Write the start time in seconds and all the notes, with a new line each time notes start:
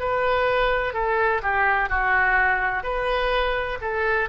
0.00 B4
0.94 A4
1.43 G4
1.90 F#4
2.84 B4
3.81 A4